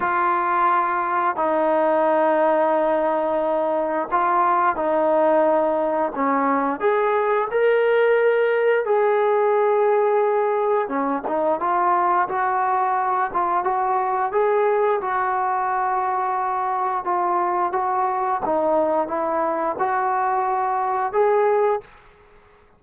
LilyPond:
\new Staff \with { instrumentName = "trombone" } { \time 4/4 \tempo 4 = 88 f'2 dis'2~ | dis'2 f'4 dis'4~ | dis'4 cis'4 gis'4 ais'4~ | ais'4 gis'2. |
cis'8 dis'8 f'4 fis'4. f'8 | fis'4 gis'4 fis'2~ | fis'4 f'4 fis'4 dis'4 | e'4 fis'2 gis'4 | }